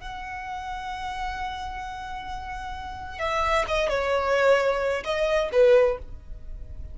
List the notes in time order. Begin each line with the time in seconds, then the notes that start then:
0.00 F#5
3.19 E5
3.68 D#5
3.89 C#5
5.04 D#5
5.52 B4